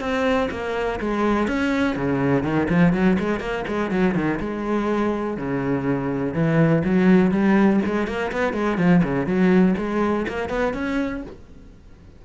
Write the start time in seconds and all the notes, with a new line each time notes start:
0.00 C4
0.51 A#3
1.00 G#3
1.48 C#4
1.96 C#3
2.43 D#3
2.69 F3
2.93 F#3
3.19 G#3
3.40 A#3
3.68 G#3
3.91 F#3
4.15 D#3
4.40 G#3
5.37 C#3
6.34 E3
6.84 F#3
7.31 G3
7.85 G#3
8.07 A#3
8.32 B3
8.53 G#3
8.77 F3
9.04 C#3
9.26 F#3
9.78 G#3
10.28 A#3
10.49 B3
10.74 C#4